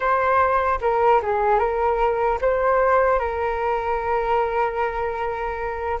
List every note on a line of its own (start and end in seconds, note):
0.00 0.79 C5
0.81 1.21 A#4
1.22 1.58 G#4
1.58 2.38 A#4
2.41 3.19 C5
3.19 5.99 A#4